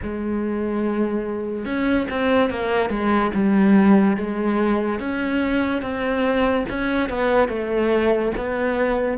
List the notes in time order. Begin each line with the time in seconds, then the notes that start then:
0.02 G#3
1.65 C#4
2.10 C4
2.50 A#3
2.89 G#3
3.34 G3
4.17 G#3
4.99 C#4
5.81 C4
6.69 C#4
7.09 B3
7.48 A3
8.36 B3